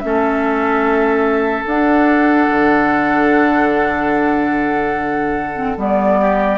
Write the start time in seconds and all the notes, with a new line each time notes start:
0.00 A3 C#4 A4 E5
1.65 D4 F#5
1.72 D4
2.50 D3
5.56 C4
5.77 G3 B3 D5
6.21 G4